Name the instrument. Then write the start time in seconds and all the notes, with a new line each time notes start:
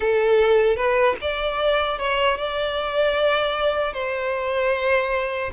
violin
0.00 A4
0.76 B4
1.21 D5
1.98 C#5
2.37 D5
3.93 C5